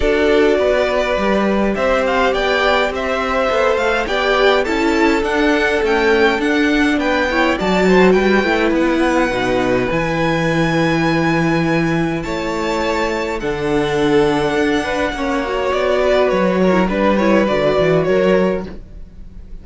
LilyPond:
<<
  \new Staff \with { instrumentName = "violin" } { \time 4/4 \tempo 4 = 103 d''2. e''8 f''8 | g''4 e''4. f''8 g''4 | a''4 fis''4 g''4 fis''4 | g''4 a''4 g''4 fis''4~ |
fis''4 gis''2.~ | gis''4 a''2 fis''4~ | fis''2. d''4 | cis''4 b'8 cis''8 d''4 cis''4 | }
  \new Staff \with { instrumentName = "violin" } { \time 4/4 a'4 b'2 c''4 | d''4 c''2 d''4 | a'1 | b'8 cis''8 d''8 c''8 b'2~ |
b'1~ | b'4 cis''2 a'4~ | a'4. b'8 cis''4. b'8~ | b'8 ais'8 b'2 ais'4 | }
  \new Staff \with { instrumentName = "viola" } { \time 4/4 fis'2 g'2~ | g'2 a'4 g'4 | e'4 d'4 a4 d'4~ | d'8 e'8 fis'4. e'4. |
dis'4 e'2.~ | e'2. d'4~ | d'2 cis'8 fis'4.~ | fis'8. e'16 d'8 e'8 fis'2 | }
  \new Staff \with { instrumentName = "cello" } { \time 4/4 d'4 b4 g4 c'4 | b4 c'4 b8 a8 b4 | cis'4 d'4 cis'4 d'4 | b4 fis4 g8 a8 b4 |
b,4 e2.~ | e4 a2 d4~ | d4 d'4 ais4 b4 | fis4 g4 d8 e8 fis4 | }
>>